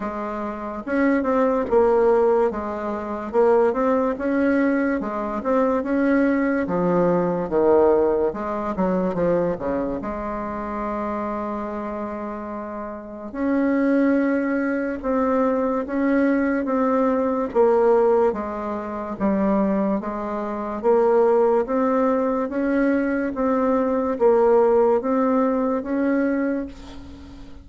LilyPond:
\new Staff \with { instrumentName = "bassoon" } { \time 4/4 \tempo 4 = 72 gis4 cis'8 c'8 ais4 gis4 | ais8 c'8 cis'4 gis8 c'8 cis'4 | f4 dis4 gis8 fis8 f8 cis8 | gis1 |
cis'2 c'4 cis'4 | c'4 ais4 gis4 g4 | gis4 ais4 c'4 cis'4 | c'4 ais4 c'4 cis'4 | }